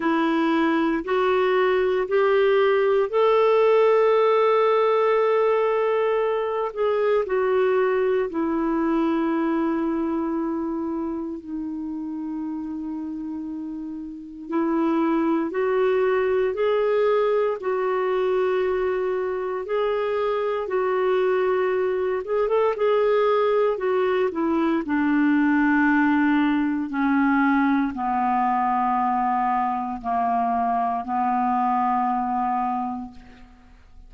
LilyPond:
\new Staff \with { instrumentName = "clarinet" } { \time 4/4 \tempo 4 = 58 e'4 fis'4 g'4 a'4~ | a'2~ a'8 gis'8 fis'4 | e'2. dis'4~ | dis'2 e'4 fis'4 |
gis'4 fis'2 gis'4 | fis'4. gis'16 a'16 gis'4 fis'8 e'8 | d'2 cis'4 b4~ | b4 ais4 b2 | }